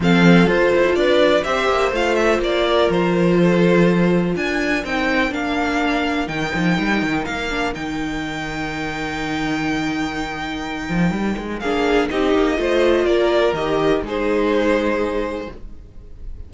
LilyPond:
<<
  \new Staff \with { instrumentName = "violin" } { \time 4/4 \tempo 4 = 124 f''4 c''4 d''4 e''4 | f''8 e''8 d''4 c''2~ | c''4 gis''4 g''4 f''4~ | f''4 g''2 f''4 |
g''1~ | g''1 | f''4 dis''2 d''4 | dis''4 c''2. | }
  \new Staff \with { instrumentName = "violin" } { \time 4/4 a'2 b'4 c''4~ | c''4. ais'4. a'4~ | a'4 ais'2.~ | ais'1~ |
ais'1~ | ais'1 | gis'4 g'4 c''4 ais'4~ | ais'4 gis'2. | }
  \new Staff \with { instrumentName = "viola" } { \time 4/4 c'4 f'2 g'4 | f'1~ | f'2 dis'4 d'4~ | d'4 dis'2~ dis'8 d'8 |
dis'1~ | dis'1 | d'4 dis'4 f'2 | g'4 dis'2. | }
  \new Staff \with { instrumentName = "cello" } { \time 4/4 f4 f'8 e'8 d'4 c'8 ais8 | a4 ais4 f2~ | f4 d'4 c'4 ais4~ | ais4 dis8 f8 g8 dis8 ais4 |
dis1~ | dis2~ dis8 f8 g8 gis8 | ais4 c'8 ais8 a4 ais4 | dis4 gis2. | }
>>